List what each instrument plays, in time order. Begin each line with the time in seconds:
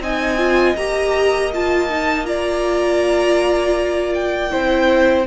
0.00 cello C4, viola D#4, violin D#5 G#5
0.38 viola F4
0.76 cello A#3, viola G4, violin A#5
1.53 viola F4, violin A5
1.89 viola D#4
2.25 viola F4, violin D5 A#5
4.14 violin G5
4.50 cello C4, viola E4, violin C5